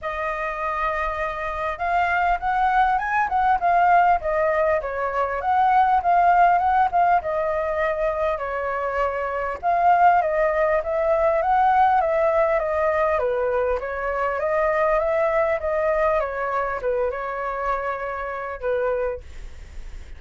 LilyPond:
\new Staff \with { instrumentName = "flute" } { \time 4/4 \tempo 4 = 100 dis''2. f''4 | fis''4 gis''8 fis''8 f''4 dis''4 | cis''4 fis''4 f''4 fis''8 f''8 | dis''2 cis''2 |
f''4 dis''4 e''4 fis''4 | e''4 dis''4 b'4 cis''4 | dis''4 e''4 dis''4 cis''4 | b'8 cis''2~ cis''8 b'4 | }